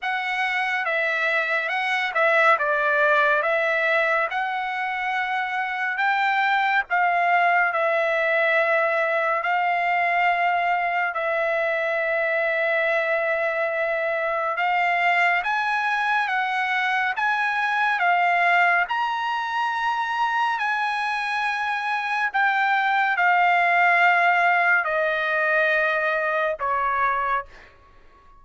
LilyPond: \new Staff \with { instrumentName = "trumpet" } { \time 4/4 \tempo 4 = 70 fis''4 e''4 fis''8 e''8 d''4 | e''4 fis''2 g''4 | f''4 e''2 f''4~ | f''4 e''2.~ |
e''4 f''4 gis''4 fis''4 | gis''4 f''4 ais''2 | gis''2 g''4 f''4~ | f''4 dis''2 cis''4 | }